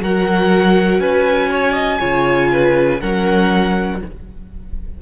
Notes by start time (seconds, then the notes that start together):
0.00 F#3 F#4 A#4 F#5
0.99 C#4 B4 G#5
1.50 C#5
1.73 D#5
1.99 C#3 F4 C#5
2.52 B4
3.00 F#3 C#4 A#4 F#5